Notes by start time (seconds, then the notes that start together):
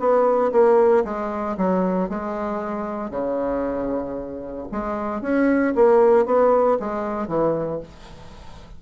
0.00 B3
0.52 A#3
1.05 G#3
1.58 F#3
2.10 G#3
3.11 C#3
4.72 G#3
5.22 C#4
5.75 A#3
6.26 B3
6.80 G#3
7.28 E3